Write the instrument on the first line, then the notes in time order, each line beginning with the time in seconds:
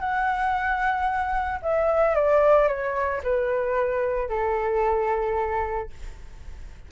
flute
0.00 F#5
1.63 E5
2.15 D5
2.68 C#5
3.24 B4
4.29 A4